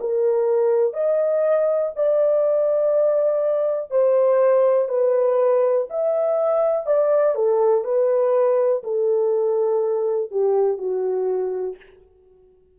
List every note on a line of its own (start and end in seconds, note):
0.00 0.93 A#4
0.93 1.91 D#5
1.95 3.90 D5
3.90 4.88 C5
4.88 5.87 B4
5.89 6.86 E5
6.86 7.35 D5
7.35 7.84 A4
7.84 8.82 B4
8.83 10.31 A4
10.31 10.77 G4
10.77 11.76 F#4